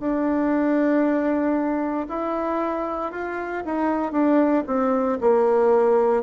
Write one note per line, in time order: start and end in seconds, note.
0.00 2.07 D4
2.09 3.12 E4
3.12 3.63 F4
3.65 4.12 D#4
4.12 4.64 D4
4.67 5.19 C4
5.21 6.23 A#3